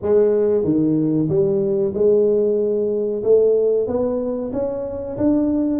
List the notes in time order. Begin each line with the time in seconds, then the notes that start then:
0.02 G#3
0.63 D#3
1.29 G3
1.94 G#3
3.23 A3
3.87 B3
4.52 C#4
5.17 D4